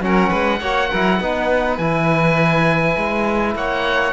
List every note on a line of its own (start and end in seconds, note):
0.00 0.29 F#3
0.00 0.60 C#4
0.00 0.29 A#4
0.00 1.78 F#5
0.29 0.60 G#3
0.29 0.59 B4
0.60 0.90 A#3
0.60 0.92 F#4
0.60 0.89 C#5
0.89 1.20 F#3
0.89 1.22 E4
0.89 1.19 A#4
1.20 1.78 B3
1.20 1.80 D#4
1.20 3.56 B4
1.78 2.96 E3
1.78 4.12 E4
1.78 3.54 G#5
2.97 3.55 G#3
3.55 4.12 A#3
3.55 4.12 C#5
3.55 4.12 F#5